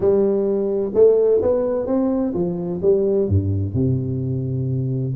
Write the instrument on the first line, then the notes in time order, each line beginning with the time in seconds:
tuba
0.00 G3
0.94 A3
1.42 B3
1.86 C4
2.34 F3
2.82 G3
3.28 G2
3.74 C3